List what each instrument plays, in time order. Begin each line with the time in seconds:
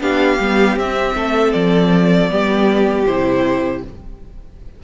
0.00 cello B3, viola D4, violin G4 F5
0.39 cello G3, viola B3
0.76 cello C4, viola C4, violin E5
1.15 cello A3, violin A4
1.53 cello F3, violin D5
2.30 cello G3, viola B3, violin G4
3.06 cello C3, viola E4, violin C5